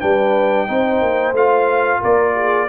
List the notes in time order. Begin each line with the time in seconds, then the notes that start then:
0.00 G3 D4 B4 G5
0.67 C4 D#4 C5
1.01 A#3
1.32 A3 F4 F5
2.00 A#3 A#4 D5
2.35 G#4